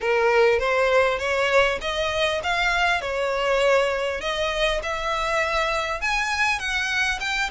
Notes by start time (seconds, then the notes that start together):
0.01 A#4
0.59 C5
1.18 C#5
1.81 D#5
2.43 F5
3.01 C#5
4.20 D#5
4.82 E5
6.01 G#5
6.59 F#5
7.19 G5